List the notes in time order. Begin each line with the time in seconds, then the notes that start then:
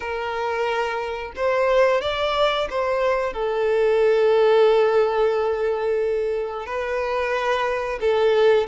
0.00 A#4
1.35 C5
2.01 D5
2.70 C5
3.33 A4
6.65 B4
8.00 A4